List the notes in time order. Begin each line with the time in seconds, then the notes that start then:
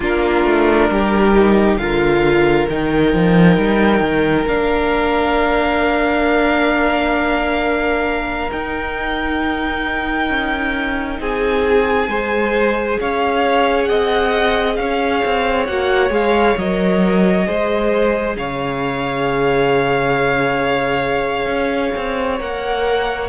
0.00 A#3 D4 F4 A#4
0.44 A3
0.89 G3 G4
1.34 D#4
1.77 D3 F4 A#4 F5
2.69 D#3 D#4 G5
3.13 F3
3.57 G3
4.01 D#3
4.47 A#3 D4 F5
8.51 D#4 G5
10.29 C#4
11.20 C4 G#4 G#5
12.07 G#3 G#4 C5
13.00 C#4 C#5 F5
13.84 C4 D#5 F#5
14.76 C#4 C#5 F5
15.24 C4
15.66 A#3 F#4 F#5
16.10 G#3 G#4 F5
16.57 F#3 A#4 D#5
17.44 G#3 G#4 C5
18.36 C#3 C#5 F5
21.46 C#4
21.96 C4
22.38 A#3 A#4 F#5